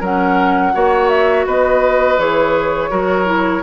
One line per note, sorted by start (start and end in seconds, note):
0.00 0.73 F#3
0.00 0.73 C#4
0.00 0.72 A#4
0.00 1.09 F#5
0.73 1.46 A#3
0.73 2.18 F#4
0.73 1.46 C#5
1.09 1.45 E5
1.46 2.18 B3
1.46 2.90 B4
1.46 2.19 D#5
2.18 2.90 E3
2.18 2.90 G#4
2.18 3.62 C#5
2.90 3.62 F#3
2.90 3.26 F#4
2.90 3.62 A#4
3.26 3.62 E4